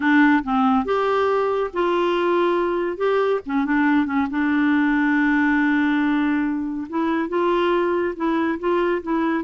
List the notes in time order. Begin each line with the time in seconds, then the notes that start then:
0.00 D4
0.43 C4
0.85 G4
1.73 F4
2.97 G4
3.45 C#4
3.65 D4
4.06 C#4
4.30 D4
6.89 E4
7.29 F4
8.16 E4
8.59 F4
9.02 E4